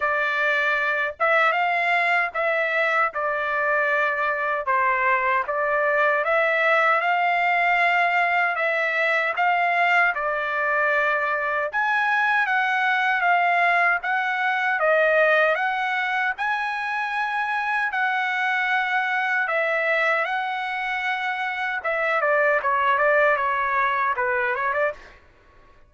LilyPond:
\new Staff \with { instrumentName = "trumpet" } { \time 4/4 \tempo 4 = 77 d''4. e''8 f''4 e''4 | d''2 c''4 d''4 | e''4 f''2 e''4 | f''4 d''2 gis''4 |
fis''4 f''4 fis''4 dis''4 | fis''4 gis''2 fis''4~ | fis''4 e''4 fis''2 | e''8 d''8 cis''8 d''8 cis''4 b'8 cis''16 d''16 | }